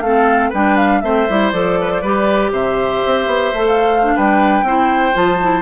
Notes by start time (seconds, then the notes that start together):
0.00 A3 C4 A4 F5
0.49 G3 D4 B4 G5
0.77 F5
1.01 A3 C4 C5 E5
1.29 G3 E4
1.51 F3 A4 D5
1.81 B4
1.91 C5
2.01 G3 G4 B4
2.51 C3 C5 E5
3.06 C4
3.27 B3
3.53 A3 A4
3.66 F5
4.02 D4
4.15 G3 B4 G5
4.63 C4 E4 C5
5.13 F3 F4 A5
5.42 E4